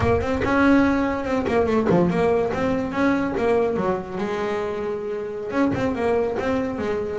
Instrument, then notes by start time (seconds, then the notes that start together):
double bass
0.00 A#3
0.21 C4
0.43 C#4
1.24 C4
1.47 A#3
1.66 A3
1.89 F3
2.09 A#3
2.53 C4
2.91 C#4
3.37 A#3
3.76 F#3
4.17 G#3
5.51 C#4
5.74 C4
5.95 A#3
6.39 C4
6.78 G#3